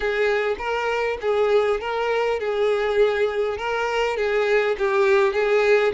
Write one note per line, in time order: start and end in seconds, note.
0.00 0.56 G#4
0.58 1.17 A#4
1.21 1.80 G#4
1.80 2.39 A#4
2.39 3.57 G#4
3.57 4.16 A#4
4.16 4.76 G#4
4.78 5.33 G4
5.33 5.92 G#4